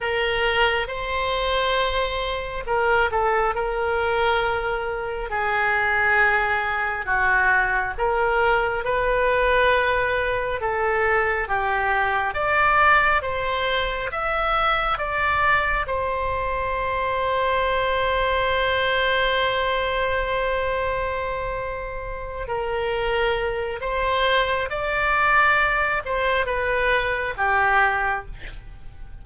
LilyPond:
\new Staff \with { instrumentName = "oboe" } { \time 4/4 \tempo 4 = 68 ais'4 c''2 ais'8 a'8 | ais'2 gis'2 | fis'4 ais'4 b'2 | a'4 g'4 d''4 c''4 |
e''4 d''4 c''2~ | c''1~ | c''4. ais'4. c''4 | d''4. c''8 b'4 g'4 | }